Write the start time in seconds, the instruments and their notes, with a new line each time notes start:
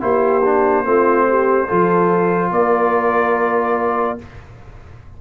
0.00 tuba A#3, trombone E4, horn G4, trumpet C5
0.44 trombone D4
0.84 tuba A3, trombone C4, horn F4
1.29 horn G4
1.67 tuba F3, trombone F4, horn A4
2.51 tuba A#3, horn A#4, trumpet D5